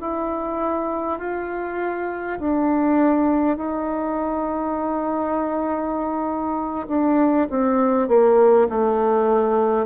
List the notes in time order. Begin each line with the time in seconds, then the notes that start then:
0.00 E4
1.19 F4
2.39 D4
3.57 D#4
6.88 D4
7.50 C4
8.08 A#3
8.69 A3